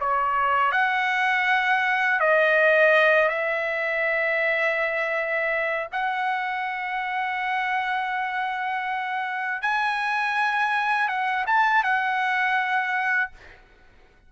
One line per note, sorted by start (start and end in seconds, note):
0.00 0.72 C#5
0.72 2.20 F#5
2.20 3.29 D#5
3.29 5.88 E5
5.92 9.62 F#5
9.62 11.08 G#5
11.08 11.45 F#5
11.46 11.83 A5
11.83 13.31 F#5